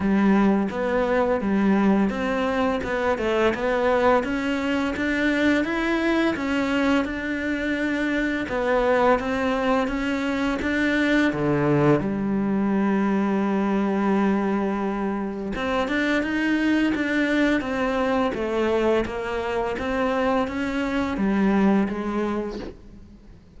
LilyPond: \new Staff \with { instrumentName = "cello" } { \time 4/4 \tempo 4 = 85 g4 b4 g4 c'4 | b8 a8 b4 cis'4 d'4 | e'4 cis'4 d'2 | b4 c'4 cis'4 d'4 |
d4 g2.~ | g2 c'8 d'8 dis'4 | d'4 c'4 a4 ais4 | c'4 cis'4 g4 gis4 | }